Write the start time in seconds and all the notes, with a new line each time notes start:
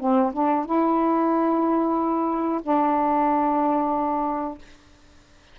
0.00 C4
0.33 D4
0.66 E4
2.63 D4